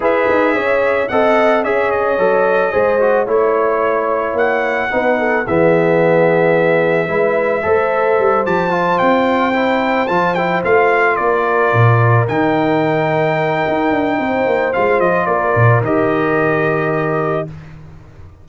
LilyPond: <<
  \new Staff \with { instrumentName = "trumpet" } { \time 4/4 \tempo 4 = 110 e''2 fis''4 e''8 dis''8~ | dis''2 cis''2 | fis''2 e''2~ | e''2.~ e''8 a''8~ |
a''8 g''2 a''8 g''8 f''8~ | f''8 d''2 g''4.~ | g''2. f''8 dis''8 | d''4 dis''2. | }
  \new Staff \with { instrumentName = "horn" } { \time 4/4 b'4 cis''4 dis''4 cis''4~ | cis''4 c''4 cis''2~ | cis''4 b'8 a'8 gis'2~ | gis'4 b'4 c''2~ |
c''1~ | c''8 ais'2.~ ais'8~ | ais'2 c''2 | ais'1 | }
  \new Staff \with { instrumentName = "trombone" } { \time 4/4 gis'2 a'4 gis'4 | a'4 gis'8 fis'8 e'2~ | e'4 dis'4 b2~ | b4 e'4 a'4. g'8 |
f'4. e'4 f'8 e'8 f'8~ | f'2~ f'8 dis'4.~ | dis'2. f'4~ | f'4 g'2. | }
  \new Staff \with { instrumentName = "tuba" } { \time 4/4 e'8 dis'8 cis'4 c'4 cis'4 | fis4 gis4 a2 | ais4 b4 e2~ | e4 gis4 a4 g8 f8~ |
f8 c'2 f4 a8~ | a8 ais4 ais,4 dis4.~ | dis4 dis'8 d'8 c'8 ais8 gis8 f8 | ais8 ais,8 dis2. | }
>>